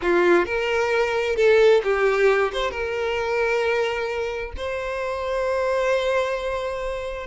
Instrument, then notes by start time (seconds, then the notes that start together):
violin
0.01 F4
0.45 A#4
1.36 A4
1.83 G4
2.52 C5
2.70 A#4
4.57 C5